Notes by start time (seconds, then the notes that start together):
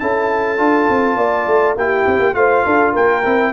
0.00 C#4 E4 A4 A5
0.58 D4 F4
0.89 C4
1.16 A#3 D5
1.47 A3
1.76 A#3 E4 G4 G5
2.07 C4
2.20 A#3
2.34 A3 F4 C5 F5
2.66 D4 A4
2.94 A#3 A#4 G5
3.25 C4 E4